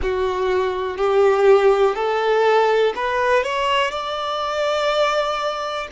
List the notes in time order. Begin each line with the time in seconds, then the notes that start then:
0.02 F#4
0.97 G4
1.95 A4
2.95 B4
3.43 C#5
3.91 D5